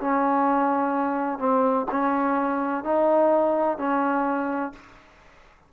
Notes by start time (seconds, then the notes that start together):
0.00 C#4
1.38 C4
1.91 C#4
2.83 D#4
3.77 C#4